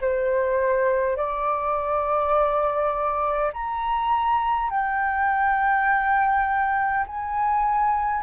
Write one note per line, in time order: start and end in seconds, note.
0.00 1.16 C5
1.16 3.51 D5
3.52 4.70 A#5
4.70 7.05 G5
7.06 8.22 G#5